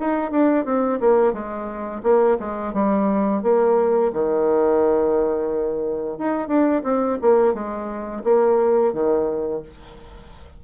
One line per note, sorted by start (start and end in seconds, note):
0.00 0.31 D#4
0.31 0.65 D4
0.65 1.00 C4
1.00 1.33 A#3
1.33 2.02 G#3
2.03 2.38 A#3
2.40 2.74 G#3
2.74 3.43 G3
3.43 4.12 A#3
4.13 6.18 D#3
6.18 6.48 D#4
6.48 6.82 D4
6.84 7.18 C4
7.22 7.54 A#3
7.54 8.23 G#3
8.24 8.93 A#3
8.93 9.62 D#3